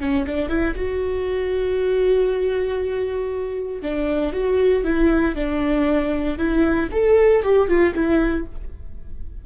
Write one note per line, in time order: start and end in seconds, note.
0.00 0.26 C#4
0.27 0.49 D4
0.49 0.75 E4
0.75 3.82 F#4
3.82 4.33 D4
4.33 4.84 F#4
4.84 5.35 E4
5.35 6.38 D4
6.38 6.89 E4
6.92 7.43 A4
7.43 7.68 G4
7.68 7.93 F4
7.94 8.46 E4